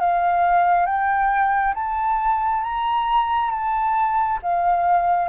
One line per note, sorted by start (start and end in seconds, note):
0.00 0.86 F5
0.86 1.74 G5
1.74 2.63 A5
2.63 3.51 A#5
3.51 4.39 A5
4.43 5.29 F5